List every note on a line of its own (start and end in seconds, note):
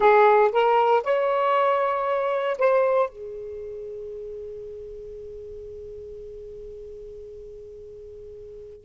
0.00 0.51 G#4
0.52 1.03 A#4
1.03 2.57 C#5
2.58 3.09 C5
3.09 8.85 G#4